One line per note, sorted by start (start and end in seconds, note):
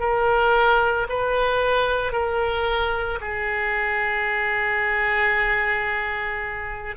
0.00 1.07 A#4
1.10 2.12 B4
2.12 3.19 A#4
3.21 6.96 G#4